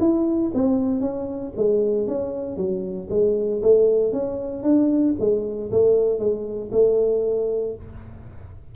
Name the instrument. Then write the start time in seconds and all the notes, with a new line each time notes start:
tuba
0.00 E4
0.55 C4
1.01 C#4
1.57 G#3
2.08 C#4
2.57 F#3
3.10 G#3
3.62 A3
4.13 C#4
4.63 D4
5.20 G#3
5.72 A3
6.20 G#3
6.72 A3